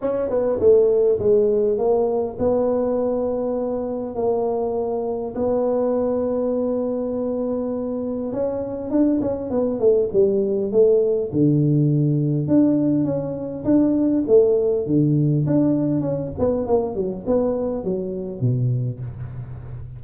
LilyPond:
\new Staff \with { instrumentName = "tuba" } { \time 4/4 \tempo 4 = 101 cis'8 b8 a4 gis4 ais4 | b2. ais4~ | ais4 b2.~ | b2 cis'4 d'8 cis'8 |
b8 a8 g4 a4 d4~ | d4 d'4 cis'4 d'4 | a4 d4 d'4 cis'8 b8 | ais8 fis8 b4 fis4 b,4 | }